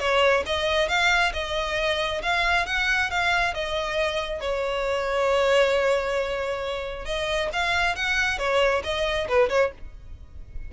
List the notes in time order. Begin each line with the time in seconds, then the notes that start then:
0.00 C#5
0.47 D#5
0.89 F5
1.34 D#5
2.23 F5
2.67 F#5
3.11 F5
3.55 D#5
4.41 C#5
7.06 D#5
7.53 F5
7.96 F#5
8.39 C#5
8.84 D#5
9.29 B4
9.50 C#5